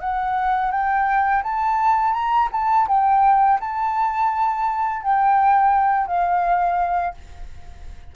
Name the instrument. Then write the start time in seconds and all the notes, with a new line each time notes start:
flute
0.00 F#5
0.71 G5
1.43 A5
2.13 A#5
2.52 A5
2.88 G5
3.60 A5
5.02 G5
6.07 F5